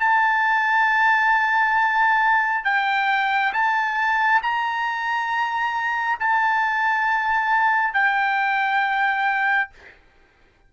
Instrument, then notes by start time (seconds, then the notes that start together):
trumpet
0.00 A5
2.65 G5
3.53 A5
4.43 A#5
6.20 A5
7.94 G5